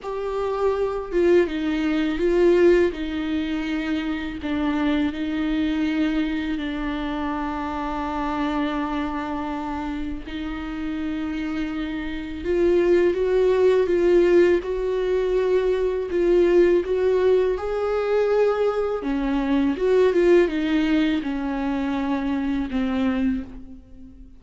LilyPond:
\new Staff \with { instrumentName = "viola" } { \time 4/4 \tempo 4 = 82 g'4. f'8 dis'4 f'4 | dis'2 d'4 dis'4~ | dis'4 d'2.~ | d'2 dis'2~ |
dis'4 f'4 fis'4 f'4 | fis'2 f'4 fis'4 | gis'2 cis'4 fis'8 f'8 | dis'4 cis'2 c'4 | }